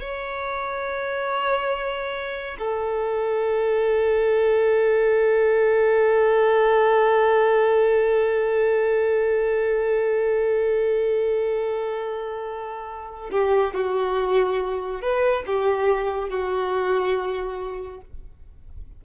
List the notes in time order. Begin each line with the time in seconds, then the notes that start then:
0.00 C#5
2.59 A4
13.31 G4
13.74 F#4
15.01 B4
15.46 G4
16.29 F#4